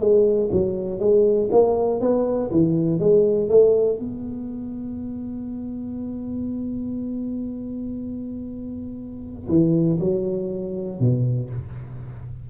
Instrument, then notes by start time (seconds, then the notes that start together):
tuba
0.00 G#3
0.52 F#3
1.00 G#3
1.52 A#3
2.01 B3
2.51 E3
3.00 G#3
3.49 A3
3.99 B3
9.49 E3
10.00 F#3
11.00 B2